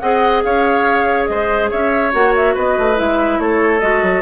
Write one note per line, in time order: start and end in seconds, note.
0.00 0.45 C4
0.00 2.13 G#4
0.00 0.44 D#5
0.00 0.42 F#5
0.44 1.29 C#4
0.44 1.30 C#5
0.44 1.27 F5
1.27 1.72 G#3
1.27 1.71 C5
1.27 1.69 D#5
1.71 2.14 C#4
1.71 2.55 C#5
1.71 2.14 E5
2.13 2.56 A#3
2.13 2.96 F#4
2.13 2.35 F#5
2.36 2.57 E5
2.55 2.79 B3
2.55 3.40 B4
2.55 2.99 D#5
2.79 3.00 A3
2.96 3.39 G#3
2.96 3.80 E4
2.96 3.41 E5
3.39 3.82 A3
3.39 4.22 A4
3.39 3.80 C#5
3.80 4.03 G#3
3.80 4.22 F#4
3.80 4.22 D#5
4.03 4.22 F#3